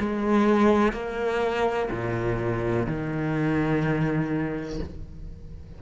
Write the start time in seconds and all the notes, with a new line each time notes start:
0.00 G#3
0.93 A#3
1.91 A#2
2.87 D#3